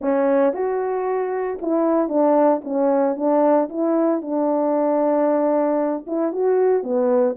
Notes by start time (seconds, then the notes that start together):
0.01 C#4
0.53 F#4
1.61 E4
2.08 D4
2.64 C#4
3.16 D4
3.69 E4
4.21 D4
6.06 E4
6.32 F#4
6.83 B3